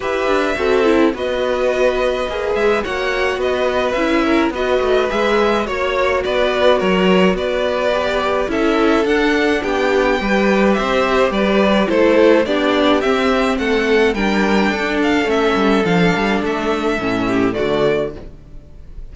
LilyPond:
<<
  \new Staff \with { instrumentName = "violin" } { \time 4/4 \tempo 4 = 106 e''2 dis''2~ | dis''8 e''8 fis''4 dis''4 e''4 | dis''4 e''4 cis''4 d''4 | cis''4 d''2 e''4 |
fis''4 g''2 e''4 | d''4 c''4 d''4 e''4 | fis''4 g''4. f''8 e''4 | f''4 e''2 d''4 | }
  \new Staff \with { instrumentName = "violin" } { \time 4/4 b'4 a'4 b'2~ | b'4 cis''4 b'4. ais'8 | b'2 cis''4 b'4 | ais'4 b'2 a'4~ |
a'4 g'4 b'4 c''4 | b'4 a'4 g'2 | a'4 ais'4 a'2~ | a'2~ a'8 g'8 fis'4 | }
  \new Staff \with { instrumentName = "viola" } { \time 4/4 g'4 fis'8 e'8 fis'2 | gis'4 fis'2 e'4 | fis'4 gis'4 fis'2~ | fis'2 g'4 e'4 |
d'2 g'2~ | g'4 e'4 d'4 c'4~ | c'4 d'2 cis'4 | d'2 cis'4 a4 | }
  \new Staff \with { instrumentName = "cello" } { \time 4/4 e'8 d'8 c'4 b2 | ais8 gis8 ais4 b4 cis'4 | b8 a8 gis4 ais4 b4 | fis4 b2 cis'4 |
d'4 b4 g4 c'4 | g4 a4 b4 c'4 | a4 g4 d'4 a8 g8 | f8 g8 a4 a,4 d4 | }
>>